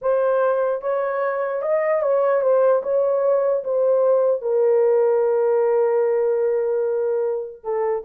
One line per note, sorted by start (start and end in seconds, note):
0.01 0.81 C5
0.81 1.62 C#5
1.62 2.02 D#5
2.02 2.41 C#5
2.41 2.82 C5
2.83 3.63 C#5
3.64 4.41 C5
4.41 7.63 A#4
7.63 8.03 A4